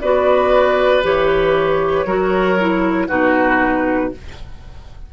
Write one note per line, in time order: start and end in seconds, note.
0.00 1.04 B3
0.00 1.02 F#4
0.00 2.06 B4
0.00 1.03 D5
1.02 2.05 E3
1.02 2.06 G4
1.02 3.08 C#5
2.05 3.08 F#3
2.05 2.59 F#4
2.05 3.08 A#4
2.59 3.08 E4
3.08 4.13 B2
3.08 4.12 D#4
3.08 4.11 F#4
3.08 4.12 B4